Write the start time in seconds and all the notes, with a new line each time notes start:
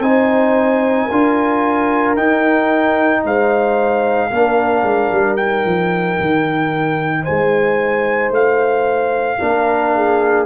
0.00 C4 D#4 C5 G#5
1.06 D4 A#4
1.12 F4
2.17 D#4 G5
3.25 G#3 C5 F5
4.30 A#3 D4 A#4
4.83 G#3
5.12 G3
5.37 D#4 G5
5.65 F3
6.21 D#3
7.23 C5 G#5
7.29 G#3
8.31 A3 F5
9.39 A#3 D4 A#4
9.96 G#4